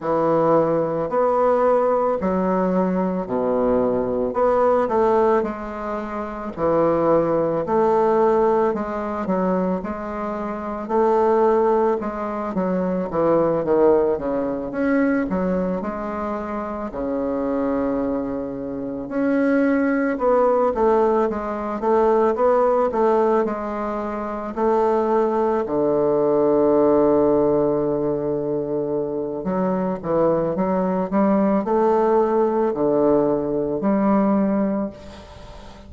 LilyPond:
\new Staff \with { instrumentName = "bassoon" } { \time 4/4 \tempo 4 = 55 e4 b4 fis4 b,4 | b8 a8 gis4 e4 a4 | gis8 fis8 gis4 a4 gis8 fis8 | e8 dis8 cis8 cis'8 fis8 gis4 cis8~ |
cis4. cis'4 b8 a8 gis8 | a8 b8 a8 gis4 a4 d8~ | d2. fis8 e8 | fis8 g8 a4 d4 g4 | }